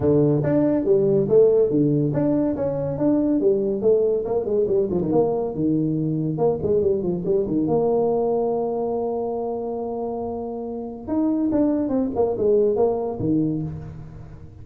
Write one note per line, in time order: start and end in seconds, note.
0.00 0.42 D3
0.43 0.85 D4
0.85 1.27 G3
1.28 1.70 A3
1.70 2.12 D3
2.13 2.55 D4
2.56 2.97 C#4
2.97 3.40 D4
3.40 3.81 G3
3.81 4.24 A3
4.25 4.45 A#3
4.45 4.66 G#3
4.67 4.88 G3
4.90 5.01 F3
5.01 5.12 D#3
5.12 5.54 A#3
5.54 6.37 D#3
6.37 6.58 A#3
6.62 6.81 G#3
6.81 7.02 G3
7.02 7.23 F3
7.25 7.46 G3
7.46 7.67 D#3
7.67 11.07 A#3
11.07 11.50 D#4
11.51 11.88 D4
11.88 12.10 C4
12.15 12.36 A#3
12.37 12.75 G#3
12.75 13.18 A#3
13.19 13.62 D#3